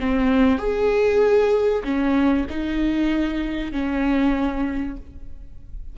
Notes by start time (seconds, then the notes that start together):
0.00 C4
0.59 G#4
1.84 C#4
2.50 D#4
3.72 C#4